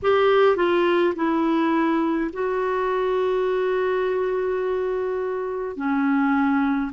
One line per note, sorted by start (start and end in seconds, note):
0.02 0.56 G4
0.56 1.14 F4
1.15 2.31 E4
2.32 5.76 F#4
5.76 6.91 C#4